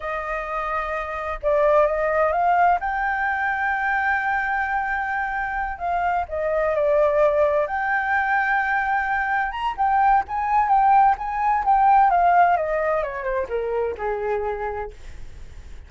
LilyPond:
\new Staff \with { instrumentName = "flute" } { \time 4/4 \tempo 4 = 129 dis''2. d''4 | dis''4 f''4 g''2~ | g''1~ | g''8 f''4 dis''4 d''4.~ |
d''8 g''2.~ g''8~ | g''8 ais''8 g''4 gis''4 g''4 | gis''4 g''4 f''4 dis''4 | cis''8 c''8 ais'4 gis'2 | }